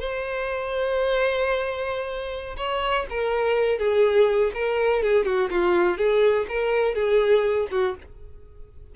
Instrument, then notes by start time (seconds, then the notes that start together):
violin
0.00 C5
2.57 C#5
3.10 A#4
3.79 G#4
4.54 A#4
5.03 G#4
5.25 F#4
5.50 F4
5.97 G#4
6.49 A#4
6.95 G#4
7.71 F#4